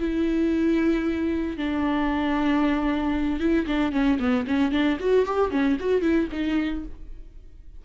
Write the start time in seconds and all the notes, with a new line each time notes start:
0.00 E4
1.57 D4
3.40 E4
3.67 D4
3.92 C#4
4.19 B3
4.47 C#4
4.72 D4
5.00 F#4
5.26 G4
5.51 C#4
5.80 F#4
6.02 E4
6.32 D#4